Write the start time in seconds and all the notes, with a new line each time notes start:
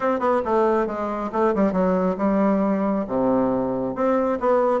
0.00 C4
0.19 B3
0.44 A3
0.86 G#3
1.32 A3
1.54 G3
1.72 F#3
2.17 G3
3.07 C3
3.95 C4
4.39 B3